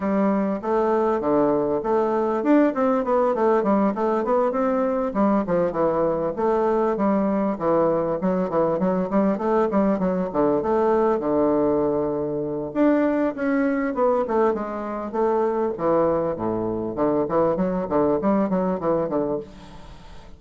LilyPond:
\new Staff \with { instrumentName = "bassoon" } { \time 4/4 \tempo 4 = 99 g4 a4 d4 a4 | d'8 c'8 b8 a8 g8 a8 b8 c'8~ | c'8 g8 f8 e4 a4 g8~ | g8 e4 fis8 e8 fis8 g8 a8 |
g8 fis8 d8 a4 d4.~ | d4 d'4 cis'4 b8 a8 | gis4 a4 e4 a,4 | d8 e8 fis8 d8 g8 fis8 e8 d8 | }